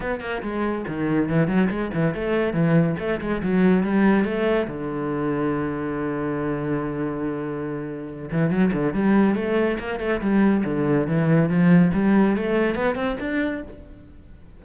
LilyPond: \new Staff \with { instrumentName = "cello" } { \time 4/4 \tempo 4 = 141 b8 ais8 gis4 dis4 e8 fis8 | gis8 e8 a4 e4 a8 gis8 | fis4 g4 a4 d4~ | d1~ |
d2.~ d8 e8 | fis8 d8 g4 a4 ais8 a8 | g4 d4 e4 f4 | g4 a4 b8 c'8 d'4 | }